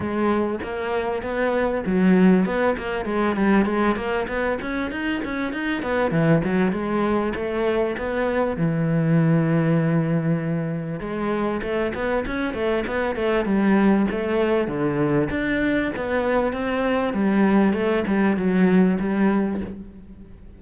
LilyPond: \new Staff \with { instrumentName = "cello" } { \time 4/4 \tempo 4 = 98 gis4 ais4 b4 fis4 | b8 ais8 gis8 g8 gis8 ais8 b8 cis'8 | dis'8 cis'8 dis'8 b8 e8 fis8 gis4 | a4 b4 e2~ |
e2 gis4 a8 b8 | cis'8 a8 b8 a8 g4 a4 | d4 d'4 b4 c'4 | g4 a8 g8 fis4 g4 | }